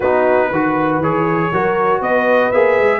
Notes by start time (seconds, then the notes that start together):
0.00 B3 D#4 F#4 B4
0.47 D#3 F#4 B4
0.99 E3 G#4 C#5
1.52 F#3 F#4 A#4
2.00 B3 B4 D#5
2.51 A#3 G#4 E5
2.79 G#3